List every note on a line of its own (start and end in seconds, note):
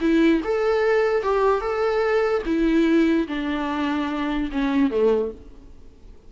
0.00 0.41 E4
0.44 1.22 A4
1.22 1.61 G4
1.61 2.42 A4
2.45 3.27 E4
3.27 4.50 D4
4.51 4.90 C#4
4.90 5.31 A3